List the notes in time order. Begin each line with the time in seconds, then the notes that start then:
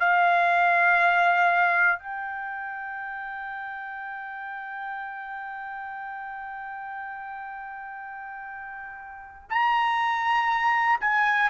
0.00 F5
2.00 G5
9.50 A#5
11.00 G#5